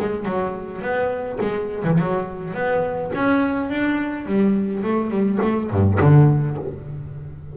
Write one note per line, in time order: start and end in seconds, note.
0.00 0.25 G#3
0.25 0.82 F#3
0.82 1.39 B3
1.41 1.84 G#3
1.84 1.98 E3
1.98 2.54 F#3
2.54 3.11 B3
3.15 3.70 C#4
3.70 4.26 D4
4.26 4.83 G3
4.83 5.10 A3
5.10 5.39 G3
5.42 5.70 A3
5.70 5.99 G2
6.00 6.57 D3